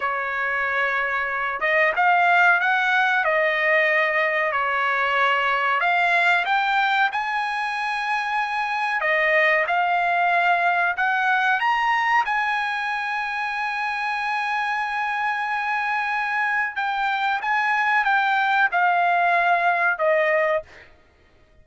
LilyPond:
\new Staff \with { instrumentName = "trumpet" } { \time 4/4 \tempo 4 = 93 cis''2~ cis''8 dis''8 f''4 | fis''4 dis''2 cis''4~ | cis''4 f''4 g''4 gis''4~ | gis''2 dis''4 f''4~ |
f''4 fis''4 ais''4 gis''4~ | gis''1~ | gis''2 g''4 gis''4 | g''4 f''2 dis''4 | }